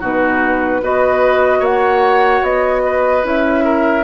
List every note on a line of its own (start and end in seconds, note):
0.00 0.81 B2
0.00 0.82 D#4
0.00 0.81 F#4
0.00 0.84 B4
0.81 1.60 B3
0.81 3.23 F#4
0.81 1.59 B4
0.81 1.65 D#5
1.59 2.42 A#3
1.59 2.81 C#5
1.59 2.44 F#5
2.42 3.23 B3
2.42 3.25 D#5
2.85 3.64 B4
3.23 4.04 C#4
3.23 4.04 E4
3.23 4.04 E5
3.64 4.04 A#4